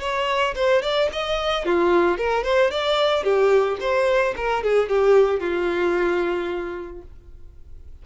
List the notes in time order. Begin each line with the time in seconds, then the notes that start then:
0.00 C#5
0.55 C5
0.82 D5
1.12 D#5
1.65 F4
2.17 A#4
2.43 C5
2.71 D5
3.23 G4
3.80 C5
4.36 A#4
4.63 G#4
4.88 G4
5.40 F4